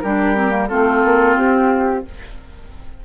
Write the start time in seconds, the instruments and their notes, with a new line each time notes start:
0.00 bassoon G3, clarinet D4, oboe G4, flute A#4
0.35 clarinet C4
0.50 clarinet A#3
0.68 bassoon A3, clarinet C4, oboe F4, flute A4
1.04 bassoon A#3
1.36 bassoon C4, flute G4